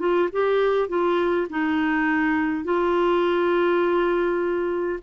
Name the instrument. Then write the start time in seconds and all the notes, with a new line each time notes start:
clarinet
0.00 F4
0.33 G4
0.89 F4
1.50 D#4
2.64 F4